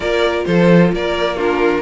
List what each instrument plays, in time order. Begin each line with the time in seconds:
0.00 cello A#3, viola F4, violin A#4 D5
0.45 cello F3, violin A4 C5
0.92 cello A#3, violin A#4 D5
1.36 viola D4, violin F4 A#4